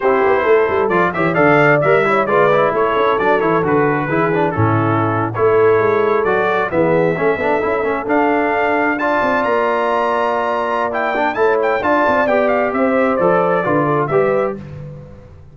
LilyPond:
<<
  \new Staff \with { instrumentName = "trumpet" } { \time 4/4 \tempo 4 = 132 c''2 d''8 e''8 f''4 | e''4 d''4 cis''4 d''8 cis''8 | b'2 a'4.~ a'16 cis''16~ | cis''4.~ cis''16 d''4 e''4~ e''16~ |
e''4.~ e''16 f''2 a''16~ | a''8. ais''2.~ ais''16 | g''4 a''8 g''8 a''4 g''8 f''8 | e''4 d''2 e''4 | }
  \new Staff \with { instrumentName = "horn" } { \time 4/4 g'4 a'4. cis''8 d''4~ | d''8 cis''8 b'4 a'2~ | a'4 gis'4 e'4.~ e'16 a'16~ | a'2~ a'8. gis'4 a'16~ |
a'2.~ a'8. d''16~ | d''1~ | d''4 cis''4 d''2 | c''2 b'8 a'8 b'4 | }
  \new Staff \with { instrumentName = "trombone" } { \time 4/4 e'2 f'8 g'8 a'4 | ais'8 e'8 f'8 e'4. d'8 e'8 | fis'4 e'8 d'8 cis'4.~ cis'16 e'16~ | e'4.~ e'16 fis'4 b4 cis'16~ |
cis'16 d'8 e'8 cis'8 d'2 f'16~ | f'1 | e'8 d'8 e'4 f'4 g'4~ | g'4 a'4 f'4 g'4 | }
  \new Staff \with { instrumentName = "tuba" } { \time 4/4 c'8 b8 a8 g8 f8 e8 d4 | g4 gis4 a8 cis'8 fis8 e8 | d4 e4 a,4.~ a,16 a16~ | a8. gis4 fis4 e4 a16~ |
a16 b8 cis'8 a8 d'2~ d'16~ | d'16 c'8 ais2.~ ais16~ | ais4 a4 d'8 c'8 b4 | c'4 f4 d4 g4 | }
>>